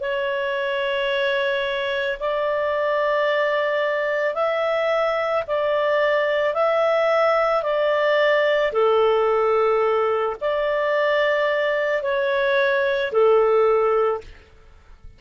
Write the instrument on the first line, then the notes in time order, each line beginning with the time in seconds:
clarinet
0.00 C#5
2.20 D5
4.34 E5
5.47 D5
6.54 E5
7.63 D5
8.72 A4
10.40 D5
12.02 C#5
13.12 A4